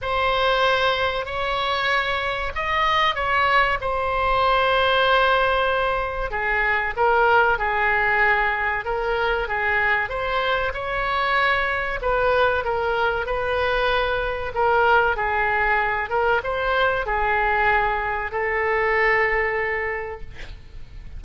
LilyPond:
\new Staff \with { instrumentName = "oboe" } { \time 4/4 \tempo 4 = 95 c''2 cis''2 | dis''4 cis''4 c''2~ | c''2 gis'4 ais'4 | gis'2 ais'4 gis'4 |
c''4 cis''2 b'4 | ais'4 b'2 ais'4 | gis'4. ais'8 c''4 gis'4~ | gis'4 a'2. | }